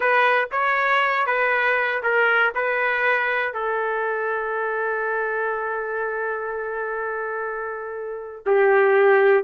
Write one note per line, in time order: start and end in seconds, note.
0.00 0.48 B4
0.51 1.26 C#5
1.26 2.02 B4
2.02 2.53 A#4
2.54 3.53 B4
3.53 8.45 A4
8.45 9.44 G4